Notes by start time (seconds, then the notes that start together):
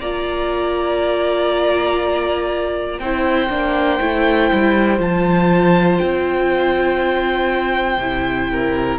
0.00 A#3 F4 D5 A#5
2.99 C4 E4 C5 G5
3.50 A#3 D4
4.00 A3 E4
4.53 G3
4.99 F3 F4 A5
5.99 C4 G5
7.98 C3 E4
8.51 A#4